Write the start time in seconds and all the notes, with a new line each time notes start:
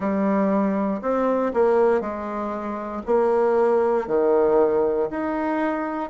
0.00 G3
1.01 C4
1.53 A#3
2.00 G#3
3.06 A#3
4.07 D#3
5.10 D#4